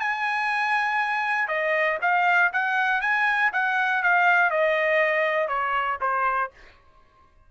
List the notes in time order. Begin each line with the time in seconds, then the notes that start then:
0.00 G#5
1.48 D#5
2.02 F5
2.53 F#5
3.02 G#5
3.53 F#5
4.03 F5
4.51 D#5
5.48 C#5
6.01 C5